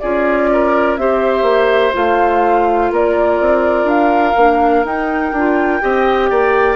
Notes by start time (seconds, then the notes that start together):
0.00 C#4 F4 G#4 D5
0.53 A#4
0.97 C4 G4 C5 E5
1.43 A#3
1.93 A3 F4 F5
2.92 A#3 A#4 D5
3.41 C4
3.84 D4 F5
4.36 A#3 D4
4.84 D#4 G5
5.32 D4 F4
5.81 C4 G4 D#5
6.30 A#3 D5